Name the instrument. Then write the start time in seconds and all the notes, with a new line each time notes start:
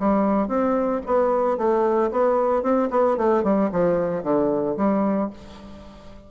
bassoon
0.00 G3
0.48 C4
1.06 B3
1.58 A3
2.11 B3
2.63 C4
2.91 B3
3.17 A3
3.44 G3
3.72 F3
4.24 D3
4.77 G3